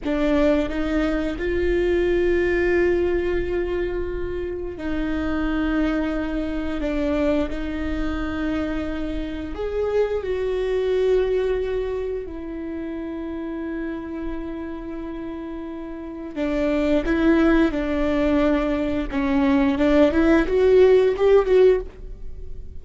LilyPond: \new Staff \with { instrumentName = "viola" } { \time 4/4 \tempo 4 = 88 d'4 dis'4 f'2~ | f'2. dis'4~ | dis'2 d'4 dis'4~ | dis'2 gis'4 fis'4~ |
fis'2 e'2~ | e'1 | d'4 e'4 d'2 | cis'4 d'8 e'8 fis'4 g'8 fis'8 | }